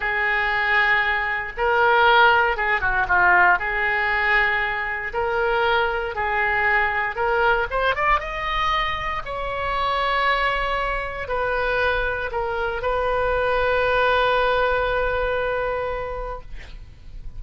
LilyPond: \new Staff \with { instrumentName = "oboe" } { \time 4/4 \tempo 4 = 117 gis'2. ais'4~ | ais'4 gis'8 fis'8 f'4 gis'4~ | gis'2 ais'2 | gis'2 ais'4 c''8 d''8 |
dis''2 cis''2~ | cis''2 b'2 | ais'4 b'2.~ | b'1 | }